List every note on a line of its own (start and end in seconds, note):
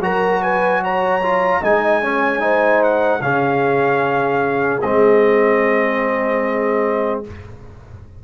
0.00 1.60 F#3
0.00 1.22 F#4
0.00 0.42 A#4
0.00 0.43 A#5
0.42 0.82 B4
0.42 0.83 G#5
0.84 1.60 C#5
0.84 1.64 A#5
1.23 1.62 F4
1.60 3.21 G#3
1.60 2.03 D#4
1.60 2.00 D#5
1.60 2.83 G#5
2.03 2.40 C#4
2.03 2.42 C#5
2.40 3.20 D#4
2.40 3.22 C5
2.83 3.22 F#5
3.21 4.81 C#3
3.21 4.82 C#4
3.21 7.23 G#4
3.21 4.81 F5
4.81 7.24 G#3
4.81 7.24 C4
4.81 7.21 D#5